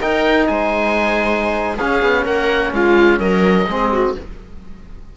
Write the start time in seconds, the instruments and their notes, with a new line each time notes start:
0.00 trombone D#4, cello D#4, viola A#4, oboe G5
0.47 cello G#3, viola C5, oboe G#5
1.76 trombone C#4, cello C#4, viola G#4, oboe F5
2.02 cello B3
2.24 cello A#3, viola A#4, oboe F#5
2.72 cello G#3, viola F4, oboe F5
3.19 cello F#3, viola A#4, oboe D#5
3.67 cello G#3, trombone C4, viola G#4
3.92 viola F#4